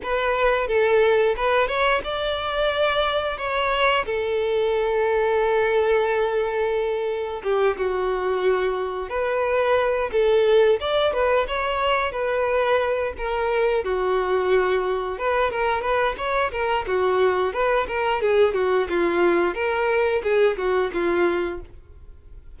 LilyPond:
\new Staff \with { instrumentName = "violin" } { \time 4/4 \tempo 4 = 89 b'4 a'4 b'8 cis''8 d''4~ | d''4 cis''4 a'2~ | a'2. g'8 fis'8~ | fis'4. b'4. a'4 |
d''8 b'8 cis''4 b'4. ais'8~ | ais'8 fis'2 b'8 ais'8 b'8 | cis''8 ais'8 fis'4 b'8 ais'8 gis'8 fis'8 | f'4 ais'4 gis'8 fis'8 f'4 | }